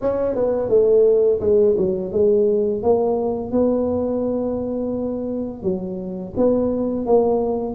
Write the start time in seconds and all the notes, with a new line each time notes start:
0.01 C#4
0.35 B3
0.69 A3
1.40 G#3
1.77 F#3
2.12 G#3
2.82 A#3
3.51 B3
5.62 F#3
6.37 B3
7.06 A#3